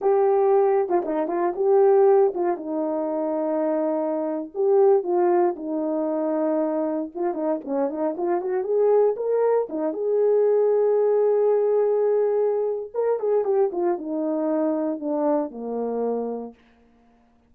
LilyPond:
\new Staff \with { instrumentName = "horn" } { \time 4/4 \tempo 4 = 116 g'4.~ g'16 f'16 dis'8 f'8 g'4~ | g'8 f'8 dis'2.~ | dis'8. g'4 f'4 dis'4~ dis'16~ | dis'4.~ dis'16 f'8 dis'8 cis'8 dis'8 f'16~ |
f'16 fis'8 gis'4 ais'4 dis'8 gis'8.~ | gis'1~ | gis'4 ais'8 gis'8 g'8 f'8 dis'4~ | dis'4 d'4 ais2 | }